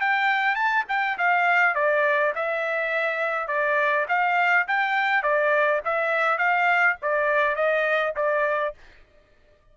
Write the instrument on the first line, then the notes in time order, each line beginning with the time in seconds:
trumpet
0.00 G5
0.55 A5
0.88 G5
1.18 F5
1.75 D5
2.35 E5
3.47 D5
4.08 F5
4.67 G5
5.22 D5
5.85 E5
6.38 F5
7.02 D5
7.55 D#5
8.16 D5